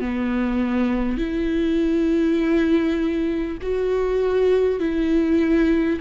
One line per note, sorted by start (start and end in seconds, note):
0.00 1.18 B3
1.18 3.58 E4
3.62 4.80 F#4
4.80 6.00 E4